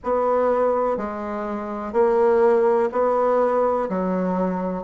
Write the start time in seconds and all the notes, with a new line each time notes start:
0.03 B3
0.97 G#3
1.92 A#3
2.92 B3
3.89 F#3